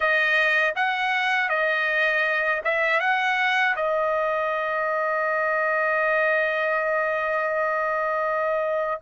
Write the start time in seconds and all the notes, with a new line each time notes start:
0.00 D#5
0.75 F#5
1.49 D#5
2.64 E5
3.00 F#5
3.75 D#5